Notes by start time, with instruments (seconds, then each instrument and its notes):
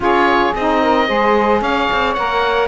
0.00 cello C#4, saxophone F4 G#4, oboe C#5
0.54 cello C4, saxophone D#4, oboe D#5
0.81 saxophone A#4
1.07 cello G#3, saxophone G#4 C5
1.61 cello C#4, saxophone C#5, oboe F5
1.92 cello C4
2.14 cello A#3, saxophone A#4, oboe F#5